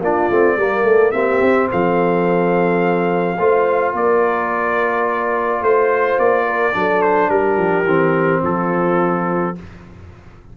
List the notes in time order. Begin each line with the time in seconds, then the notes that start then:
0.00 A#3 D4 F4 D5
0.30 A3 C4
0.56 G3 A#3 A#4
0.83 A3 A4
1.11 A#3 C4 G4 E5
1.41 C4
1.71 F3 A4 F5
3.38 A3 F4 C5
3.92 A#3 A#4 D5
5.61 A3 C5
6.18 A#3 D5
6.46 A#4
6.72 F#3 D4 A4
7.02 C5
7.29 G3 G4 A#4
7.57 F3
7.85 E3 C4
8.43 F3 F4 A4